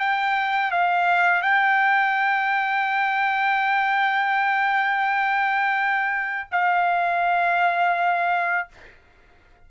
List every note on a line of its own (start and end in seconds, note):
0.00 0.71 G5
0.71 1.42 F5
1.42 6.48 G5
6.52 8.68 F5